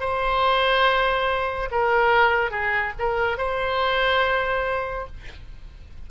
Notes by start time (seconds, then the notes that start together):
0.00 C5
1.71 A#4
2.51 G#4
2.99 A#4
3.38 C5